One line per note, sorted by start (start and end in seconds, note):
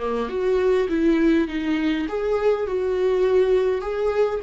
0.00 0.29 A#3
0.29 0.88 F#4
0.89 1.48 E4
1.48 2.07 D#4
2.09 2.67 G#4
2.67 3.82 F#4
3.82 4.40 G#4